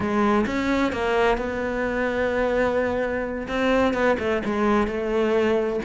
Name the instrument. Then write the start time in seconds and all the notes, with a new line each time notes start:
cello
0.00 G#3
0.46 C#4
0.92 A#3
1.37 B3
3.48 C4
3.93 B3
4.19 A3
4.45 G#3
4.87 A3